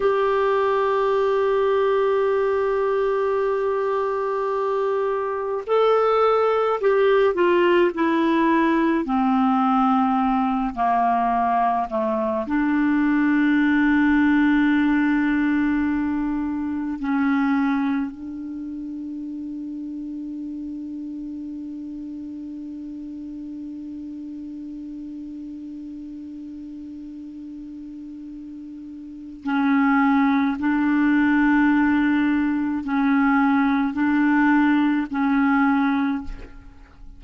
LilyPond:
\new Staff \with { instrumentName = "clarinet" } { \time 4/4 \tempo 4 = 53 g'1~ | g'4 a'4 g'8 f'8 e'4 | c'4. ais4 a8 d'4~ | d'2. cis'4 |
d'1~ | d'1~ | d'2 cis'4 d'4~ | d'4 cis'4 d'4 cis'4 | }